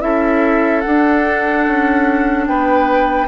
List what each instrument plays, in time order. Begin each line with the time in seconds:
0.00 bassoon C#4, clarinet E4, oboe A4, flute E5
0.81 clarinet D4, bassoon D4, flute F#5
1.67 bassoon C#4
2.47 bassoon B3, oboe B4, flute G5